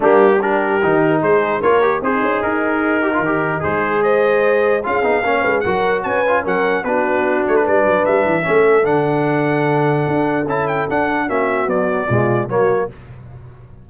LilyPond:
<<
  \new Staff \with { instrumentName = "trumpet" } { \time 4/4 \tempo 4 = 149 g'4 ais'2 c''4 | cis''4 c''4 ais'2~ | ais'4 c''4 dis''2 | f''2 fis''4 gis''4 |
fis''4 b'4. cis''16 b'16 d''4 | e''2 fis''2~ | fis''2 a''8 g''8 fis''4 | e''4 d''2 cis''4 | }
  \new Staff \with { instrumentName = "horn" } { \time 4/4 d'4 g'2 gis'4 | ais'4 dis'2.~ | dis'2 c''2 | gis'4 cis''8 b'8 ais'4 b'4 |
ais'4 fis'2 b'4~ | b'4 a'2.~ | a'1 | fis'2 f'4 fis'4 | }
  \new Staff \with { instrumentName = "trombone" } { \time 4/4 ais4 d'4 dis'2 | f'8 g'8 gis'2~ gis'8 g'16 f'16 | g'4 gis'2. | f'8 dis'8 cis'4 fis'4. f'8 |
cis'4 d'2.~ | d'4 cis'4 d'2~ | d'2 e'4 d'4 | cis'4 fis4 gis4 ais4 | }
  \new Staff \with { instrumentName = "tuba" } { \time 4/4 g2 dis4 gis4 | ais4 c'8 cis'8 dis'2 | dis4 gis2. | cis'8 b8 ais8 gis8 fis4 cis'4 |
fis4 b4. a8 g8 fis8 | g8 e8 a4 d2~ | d4 d'4 cis'4 d'4 | ais4 b4 b,4 fis4 | }
>>